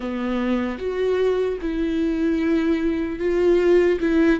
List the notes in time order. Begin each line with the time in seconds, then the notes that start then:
0.00 B3
0.78 F#4
1.61 E4
3.19 F4
4.00 E4